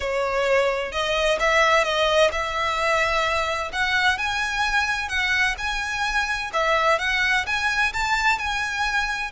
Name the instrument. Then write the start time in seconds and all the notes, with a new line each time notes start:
violin
0.00 C#5
0.92 D#5
1.39 E5
1.84 D#5
2.32 E5
3.72 F#5
4.17 G#5
5.08 F#5
5.58 G#5
6.53 E5
6.99 F#5
7.46 G#5
7.93 A5
8.38 G#5